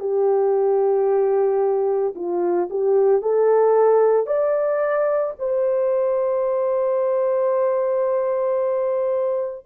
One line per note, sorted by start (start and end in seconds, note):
0.00 2.14 G4
2.15 2.69 F4
2.70 3.21 G4
3.21 4.26 A4
4.26 5.33 D5
5.39 9.65 C5